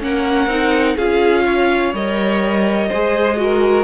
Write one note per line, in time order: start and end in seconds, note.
0.00 0.47 A#3
0.00 0.48 C#4
0.00 0.96 A#4
0.00 0.98 F#5
0.47 0.95 C4
0.47 0.97 D#4
0.96 1.94 C#4
0.96 1.94 F4
0.96 1.44 G#4
0.96 1.94 F5
1.46 2.89 C#5
1.94 2.91 G3
1.94 2.92 A#4
1.94 3.84 D#5
2.89 3.84 G#3
2.89 3.37 G#4
2.89 3.37 C5
3.37 3.84 F#4
3.37 3.84 A#4